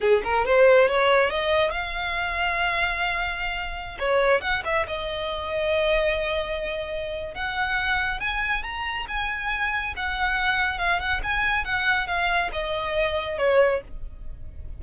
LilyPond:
\new Staff \with { instrumentName = "violin" } { \time 4/4 \tempo 4 = 139 gis'8 ais'8 c''4 cis''4 dis''4 | f''1~ | f''4~ f''16 cis''4 fis''8 e''8 dis''8.~ | dis''1~ |
dis''4 fis''2 gis''4 | ais''4 gis''2 fis''4~ | fis''4 f''8 fis''8 gis''4 fis''4 | f''4 dis''2 cis''4 | }